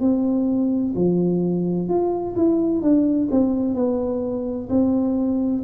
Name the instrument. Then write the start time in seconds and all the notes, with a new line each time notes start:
tuba
0.00 C4
0.95 F3
1.88 F4
2.35 E4
2.82 D4
3.31 C4
3.75 B3
4.69 C4